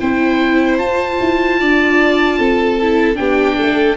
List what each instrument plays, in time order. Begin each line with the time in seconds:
0.00 tuba C4, viola E4, violin C5, oboe G5
0.78 tuba F4, viola F4, oboe A5
1.20 tuba E4
1.60 tuba D4, violin D5
2.39 tuba C4, violin A4
2.81 viola E4
3.15 tuba B3, viola D4, violin G4, oboe G5
3.58 tuba A3, violin A4